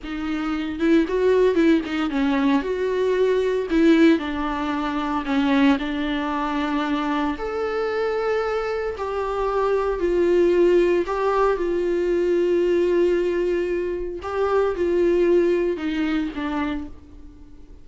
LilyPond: \new Staff \with { instrumentName = "viola" } { \time 4/4 \tempo 4 = 114 dis'4. e'8 fis'4 e'8 dis'8 | cis'4 fis'2 e'4 | d'2 cis'4 d'4~ | d'2 a'2~ |
a'4 g'2 f'4~ | f'4 g'4 f'2~ | f'2. g'4 | f'2 dis'4 d'4 | }